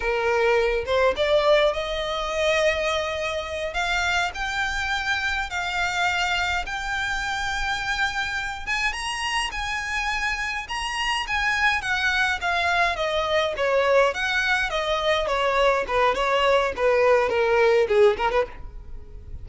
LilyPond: \new Staff \with { instrumentName = "violin" } { \time 4/4 \tempo 4 = 104 ais'4. c''8 d''4 dis''4~ | dis''2~ dis''8 f''4 g''8~ | g''4. f''2 g''8~ | g''2. gis''8 ais''8~ |
ais''8 gis''2 ais''4 gis''8~ | gis''8 fis''4 f''4 dis''4 cis''8~ | cis''8 fis''4 dis''4 cis''4 b'8 | cis''4 b'4 ais'4 gis'8 ais'16 b'16 | }